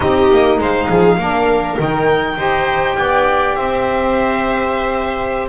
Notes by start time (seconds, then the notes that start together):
0.00 C4 D#4 G4 D#5
0.30 A#3
0.58 G#3 C5 F5
0.87 F3 G#4
1.18 A#3 D4 A#4
1.77 D#3 D#4 G5
2.36 D#4 G4 C5
2.97 B3 D5
3.55 C4 C5 E5